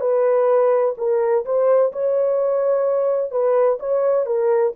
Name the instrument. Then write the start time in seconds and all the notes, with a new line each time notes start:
horn
0.00 B4
0.97 A#4
1.44 C5
1.92 C#5
3.31 B4
3.79 C#5
4.26 A#4